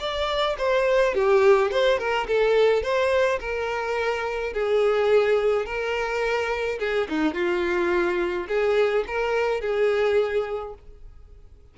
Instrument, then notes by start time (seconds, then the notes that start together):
violin
0.00 D5
0.59 C5
1.15 G4
1.72 C5
1.99 A#4
2.28 A4
2.83 C5
3.40 A#4
4.54 G#4
5.66 A#4
6.80 G#4
7.10 D#4
7.35 F4
8.49 G#4
9.08 A#4
9.61 G#4